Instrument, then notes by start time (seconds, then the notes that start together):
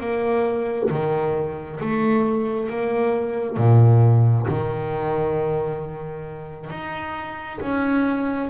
double bass
0.00 A#3
0.90 D#3
1.80 A3
2.70 A#3
3.57 A#2
4.48 D#3
6.70 D#4
7.61 C#4